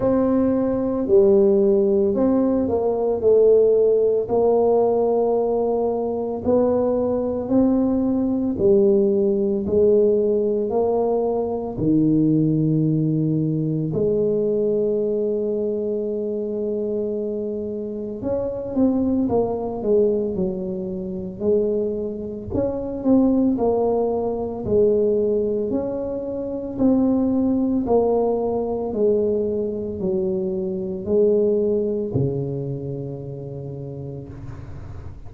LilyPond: \new Staff \with { instrumentName = "tuba" } { \time 4/4 \tempo 4 = 56 c'4 g4 c'8 ais8 a4 | ais2 b4 c'4 | g4 gis4 ais4 dis4~ | dis4 gis2.~ |
gis4 cis'8 c'8 ais8 gis8 fis4 | gis4 cis'8 c'8 ais4 gis4 | cis'4 c'4 ais4 gis4 | fis4 gis4 cis2 | }